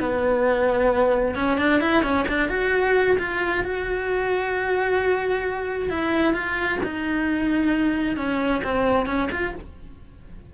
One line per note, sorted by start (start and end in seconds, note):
0.00 1.35 B3
1.35 1.58 C#4
1.58 1.81 D4
1.81 2.03 E4
2.03 2.26 C#4
2.29 2.49 D4
2.49 3.17 F#4
3.19 3.64 F4
3.64 5.90 F#4
5.90 6.33 E4
6.33 6.79 F4
6.84 8.17 D#4
8.17 8.62 C#4
8.64 9.06 C4
9.06 9.29 C#4
9.32 9.55 F4